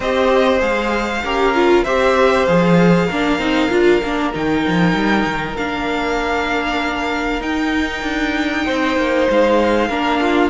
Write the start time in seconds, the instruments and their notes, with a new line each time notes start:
0.00 cello C4, viola G4, violin C5 D#5
0.59 cello G#3, viola G#4, violin F5
1.23 cello C#4, viola G4, violin A#4
1.54 viola F4
1.84 cello C4, viola G4, violin C5 E5
2.45 cello F3, viola G#4, violin F5
3.06 cello A#3, viola D4, violin A#4
3.38 cello C4, viola D#4
3.69 cello D4, viola F4
4.02 cello A#3, viola D4
4.32 cello D#3, viola D#4, violin G5
4.67 cello F3
4.94 cello G3
5.25 cello D#3
5.56 cello A#3, viola D4, violin F5
7.40 cello D#4, viola D#4, violin G5
8.02 cello D4
8.65 cello C4, violin C5
8.96 cello A#3
9.30 cello G#3, violin F5
9.88 cello A#3, viola D4, violin A#4
10.21 violin F4